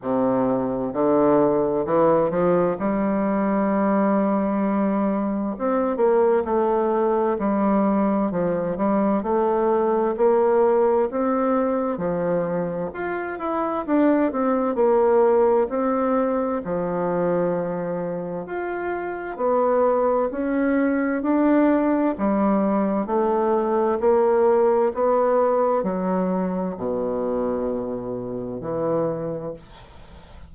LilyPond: \new Staff \with { instrumentName = "bassoon" } { \time 4/4 \tempo 4 = 65 c4 d4 e8 f8 g4~ | g2 c'8 ais8 a4 | g4 f8 g8 a4 ais4 | c'4 f4 f'8 e'8 d'8 c'8 |
ais4 c'4 f2 | f'4 b4 cis'4 d'4 | g4 a4 ais4 b4 | fis4 b,2 e4 | }